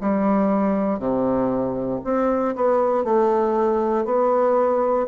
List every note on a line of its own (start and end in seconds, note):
0.00 0.98 G3
0.98 2.00 C3
2.04 2.55 C4
2.55 3.04 B3
3.04 4.05 A3
4.05 5.07 B3